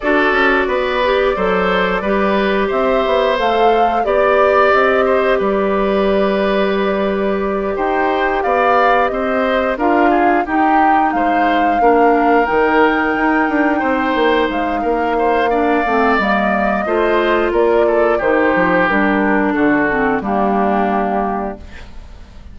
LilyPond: <<
  \new Staff \with { instrumentName = "flute" } { \time 4/4 \tempo 4 = 89 d''1 | e''4 f''4 d''4 dis''4 | d''2.~ d''8 g''8~ | g''8 f''4 dis''4 f''4 g''8~ |
g''8 f''2 g''4.~ | g''4. f''2~ f''8 | dis''2 d''4 c''4 | ais'4 a'4 g'2 | }
  \new Staff \with { instrumentName = "oboe" } { \time 4/4 a'4 b'4 c''4 b'4 | c''2 d''4. c''8 | b'2.~ b'8 c''8~ | c''8 d''4 c''4 ais'8 gis'8 g'8~ |
g'8 c''4 ais'2~ ais'8~ | ais'8 c''4. ais'8 c''8 d''4~ | d''4 c''4 ais'8 a'8 g'4~ | g'4 fis'4 d'2 | }
  \new Staff \with { instrumentName = "clarinet" } { \time 4/4 fis'4. g'8 a'4 g'4~ | g'4 a'4 g'2~ | g'1~ | g'2~ g'8 f'4 dis'8~ |
dis'4. d'4 dis'4.~ | dis'2. d'8 c'8 | ais4 f'2 dis'4 | d'4. c'8 ais2 | }
  \new Staff \with { instrumentName = "bassoon" } { \time 4/4 d'8 cis'8 b4 fis4 g4 | c'8 b8 a4 b4 c'4 | g2.~ g8 dis'8~ | dis'8 b4 c'4 d'4 dis'8~ |
dis'8 gis4 ais4 dis4 dis'8 | d'8 c'8 ais8 gis8 ais4. a8 | g4 a4 ais4 dis8 f8 | g4 d4 g2 | }
>>